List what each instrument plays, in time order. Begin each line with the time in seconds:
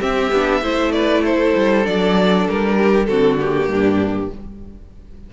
0.00 viola C4, cello C4, violin G4 E5
0.32 cello B3, viola D4
0.62 cello A3, viola E4, violin C5
0.92 violin B4 D5
1.25 violin A4 C5
1.57 cello G3
1.84 cello F#3, viola D4, violin D5
2.48 cello G3, violin A#4
2.77 violin G4
3.06 cello D3, viola C4, violin F#4 A4
3.40 viola A#3, violin G4
3.68 cello G2, violin D4